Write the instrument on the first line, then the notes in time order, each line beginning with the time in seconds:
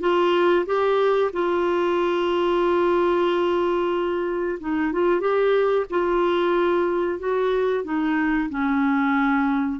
clarinet
0.00 F4
0.66 G4
1.33 F4
4.60 D#4
4.92 F4
5.20 G4
5.90 F4
7.19 F#4
7.84 D#4
8.50 C#4